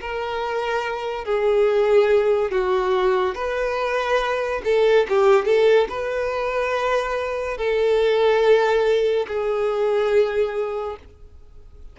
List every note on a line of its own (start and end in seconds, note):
0.00 1.24 A#4
1.24 2.51 G#4
2.51 3.35 F#4
3.35 4.61 B4
4.64 5.06 A4
5.09 5.45 G4
5.45 5.87 A4
5.89 7.57 B4
7.57 9.26 A4
9.27 10.96 G#4